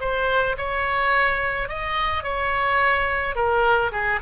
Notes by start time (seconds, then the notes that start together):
0.00 C5
0.57 C#5
1.68 D#5
2.23 C#5
3.35 A#4
3.92 G#4